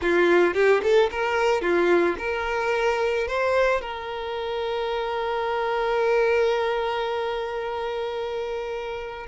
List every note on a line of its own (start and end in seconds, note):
0.01 0.54 F4
0.54 0.81 G4
0.82 1.10 A4
1.11 1.61 A#4
1.61 2.16 F4
2.18 3.27 A#4
3.27 3.81 C5
3.81 9.26 A#4